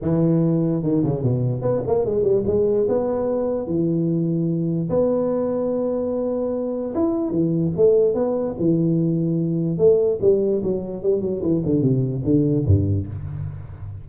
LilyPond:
\new Staff \with { instrumentName = "tuba" } { \time 4/4 \tempo 4 = 147 e2 dis8 cis8 b,4 | b8 ais8 gis8 g8 gis4 b4~ | b4 e2. | b1~ |
b4 e'4 e4 a4 | b4 e2. | a4 g4 fis4 g8 fis8 | e8 d8 c4 d4 g,4 | }